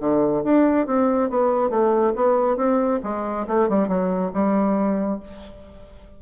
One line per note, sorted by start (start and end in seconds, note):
0.00 0.43 D3
0.44 0.87 D4
0.87 1.30 C4
1.30 1.70 B3
1.70 2.13 A3
2.15 2.57 B3
2.57 3.00 C4
3.04 3.47 G#3
3.47 3.69 A3
3.69 3.88 G3
3.88 4.31 F#3
4.33 5.20 G3